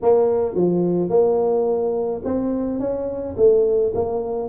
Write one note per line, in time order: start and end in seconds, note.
0.02 0.55 A#3
0.55 1.09 F3
1.09 2.21 A#3
2.24 2.79 C4
2.79 3.35 C#4
3.36 3.93 A3
3.94 4.48 A#3